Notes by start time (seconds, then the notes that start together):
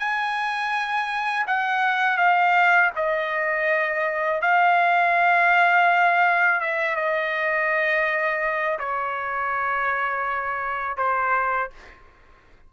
0.00 G#5
1.47 F#5
2.18 F5
2.96 D#5
4.42 F5
6.61 E5
6.96 D#5
8.79 C#5
10.98 C5